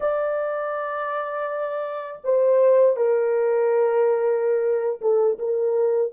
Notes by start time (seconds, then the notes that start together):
0.00 D5
2.24 C5
2.96 A#4
5.01 A4
5.38 A#4